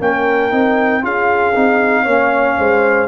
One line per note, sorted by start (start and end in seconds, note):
0.00 0.52 A#3
0.00 0.52 C#4
0.00 1.03 A#4
0.00 1.05 G5
0.52 1.04 C4
0.52 1.02 D#4
1.02 1.56 C#4
1.02 1.54 F4
1.02 2.03 G#4
1.02 3.09 F5
1.55 2.07 C4
1.55 2.07 D#4
2.03 2.58 A#3
2.03 3.09 C#4
2.03 2.54 C#5
2.58 3.09 G#3
2.58 3.09 C5